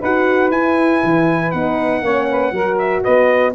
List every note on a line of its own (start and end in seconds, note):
0.00 0.50 D#4
0.00 0.54 F#4
0.00 2.02 B4
0.00 0.52 F#5
0.50 1.01 E4
0.50 1.54 E4
0.50 1.52 G#5
1.04 1.54 E3
1.52 2.02 B3
1.52 2.04 D#4
1.52 2.78 F#5
2.02 2.52 A#3
2.02 2.52 C#4
2.02 2.29 C#5
2.31 2.54 B4
2.52 3.03 F#3
2.52 3.53 F#4
2.52 3.03 A#4
2.79 3.04 E5
3.03 3.55 B3
3.03 3.53 B4
3.03 3.55 D#5